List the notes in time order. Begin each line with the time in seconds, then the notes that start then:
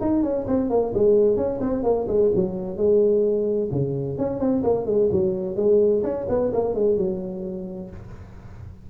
0.00 D#4
0.22 C#4
0.47 C4
0.70 A#3
0.94 G#3
1.36 C#4
1.60 C4
1.83 A#3
2.07 G#3
2.35 F#3
2.77 G#3
3.71 C#3
4.17 C#4
4.39 C4
4.63 A#3
4.86 G#3
5.11 F#3
5.56 G#3
6.03 C#4
6.28 B3
6.53 A#3
6.74 G#3
6.97 F#3